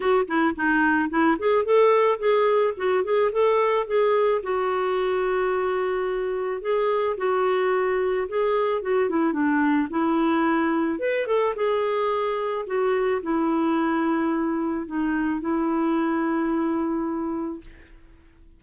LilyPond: \new Staff \with { instrumentName = "clarinet" } { \time 4/4 \tempo 4 = 109 fis'8 e'8 dis'4 e'8 gis'8 a'4 | gis'4 fis'8 gis'8 a'4 gis'4 | fis'1 | gis'4 fis'2 gis'4 |
fis'8 e'8 d'4 e'2 | b'8 a'8 gis'2 fis'4 | e'2. dis'4 | e'1 | }